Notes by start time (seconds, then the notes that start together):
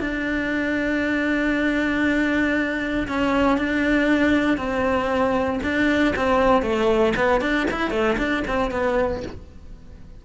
0.00 D4
3.08 C#4
3.58 D4
4.58 C4
5.63 D4
6.16 C4
6.62 A3
7.16 B3
7.41 D4
7.71 E4
7.91 A3
8.18 D4
8.48 C4
8.71 B3